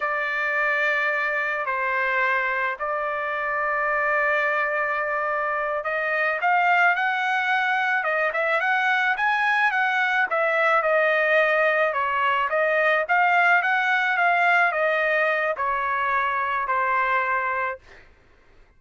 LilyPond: \new Staff \with { instrumentName = "trumpet" } { \time 4/4 \tempo 4 = 108 d''2. c''4~ | c''4 d''2.~ | d''2~ d''8 dis''4 f''8~ | f''8 fis''2 dis''8 e''8 fis''8~ |
fis''8 gis''4 fis''4 e''4 dis''8~ | dis''4. cis''4 dis''4 f''8~ | f''8 fis''4 f''4 dis''4. | cis''2 c''2 | }